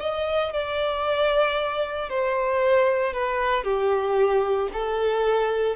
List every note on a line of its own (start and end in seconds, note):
0.00 0.53 D#5
0.53 2.10 D5
2.10 3.13 C5
3.13 3.64 B4
3.64 4.69 G4
4.74 5.77 A4